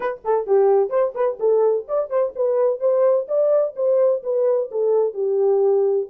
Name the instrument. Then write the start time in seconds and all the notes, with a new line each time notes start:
horn
0.00 B4
0.24 A4
0.46 G4
0.89 C5
1.15 B4
1.39 A4
1.87 D5
2.09 C5
2.35 B4
2.80 C5
3.27 D5
3.75 C5
4.23 B4
4.71 A4
5.13 G4